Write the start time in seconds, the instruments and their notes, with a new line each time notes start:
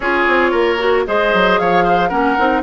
0.00 bassoon C#4, clarinet F4, oboe G#4, flute C#5
0.27 bassoon C4
0.51 bassoon A#3, oboe A#4
0.79 clarinet F#4
1.06 bassoon G#3, clarinet G#4, oboe C5, flute D#5
1.33 bassoon F#3
1.58 bassoon F3, oboe C#5, flute F5
1.84 oboe C5
2.08 bassoon A#3, clarinet C#4, oboe A#4, flute F#5
2.38 bassoon C4, clarinet D#4